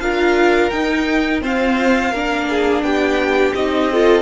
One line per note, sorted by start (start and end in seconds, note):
0.00 0.72 D4
0.00 0.71 F4
0.00 1.43 A#4
0.00 0.70 F5
0.70 1.42 D#4
0.70 1.41 D#4
0.70 1.40 G5
1.41 2.11 C4
1.41 2.13 F4
1.41 2.11 C5
1.41 2.82 F5
2.11 2.82 A#3
2.11 3.56 D4
2.11 2.46 A#4
2.49 2.85 G#4
2.82 3.53 B3
2.82 3.92 G4
2.82 3.53 G5
3.54 4.22 C4
3.54 3.92 D#4
3.54 4.22 D#5
3.92 4.22 F4
3.92 4.22 A4